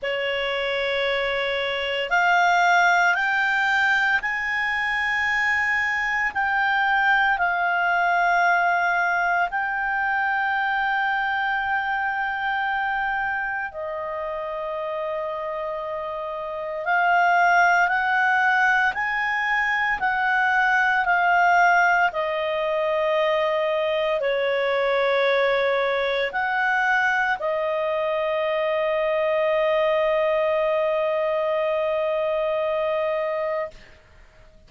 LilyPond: \new Staff \with { instrumentName = "clarinet" } { \time 4/4 \tempo 4 = 57 cis''2 f''4 g''4 | gis''2 g''4 f''4~ | f''4 g''2.~ | g''4 dis''2. |
f''4 fis''4 gis''4 fis''4 | f''4 dis''2 cis''4~ | cis''4 fis''4 dis''2~ | dis''1 | }